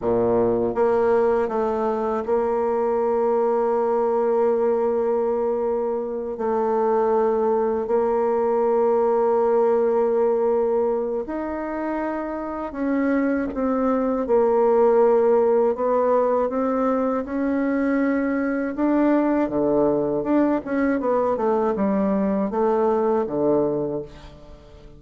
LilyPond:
\new Staff \with { instrumentName = "bassoon" } { \time 4/4 \tempo 4 = 80 ais,4 ais4 a4 ais4~ | ais1~ | ais8 a2 ais4.~ | ais2. dis'4~ |
dis'4 cis'4 c'4 ais4~ | ais4 b4 c'4 cis'4~ | cis'4 d'4 d4 d'8 cis'8 | b8 a8 g4 a4 d4 | }